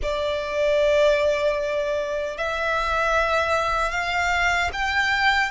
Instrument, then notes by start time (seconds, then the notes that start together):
violin
0.02 D5
2.37 E5
3.91 F5
4.72 G5